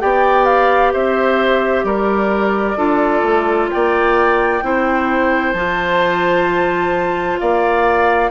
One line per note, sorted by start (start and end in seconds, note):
0.00 0.94 B3
0.00 2.77 G4
0.00 0.93 D5
0.00 0.45 G5
0.45 0.91 F5
0.92 1.84 C4
0.92 1.85 C5
0.92 1.84 E5
1.84 2.76 G3
1.84 2.77 A#4
1.84 3.69 D5
2.76 3.22 D4
2.76 4.61 F4
2.76 3.69 A4
3.22 3.68 A3
3.70 4.62 A#3
3.70 4.64 D5
3.70 5.53 G5
4.62 5.53 C4
4.62 5.55 E4
4.62 7.40 C5
5.53 7.38 F3
5.53 8.30 F4
5.53 7.37 A5
7.39 8.30 A#3
7.39 8.30 D5
7.39 8.30 F5